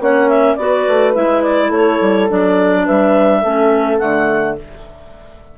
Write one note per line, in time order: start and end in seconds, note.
0.00 0.57 A#3
0.00 0.58 C#4
0.00 0.59 C#5
0.00 0.29 F#5
0.29 0.56 E5
0.56 0.86 B3
0.56 1.15 F#4
0.56 1.68 B4
0.56 1.13 D5
0.88 1.16 A3
1.15 1.70 G#3
1.15 2.29 E4
1.15 1.43 E5
1.43 1.71 D5
1.68 1.99 A3
1.68 2.83 A4
1.68 2.30 C#5
2.01 2.30 G3
2.29 2.88 F#3
2.29 3.43 D4
2.29 2.87 D5
2.85 3.44 G3
2.85 3.43 B4
2.85 3.99 E5
3.43 4.01 A3
3.43 3.99 C#4
3.43 4.57 A4
3.99 4.58 D3
3.99 4.56 A3
3.99 4.56 F#5